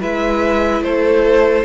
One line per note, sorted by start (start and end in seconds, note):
0.00 0.81 G#3
0.00 1.65 E4
0.00 0.84 B4
0.00 0.84 E5
0.81 1.64 A3
0.81 1.65 A4
0.81 1.65 C5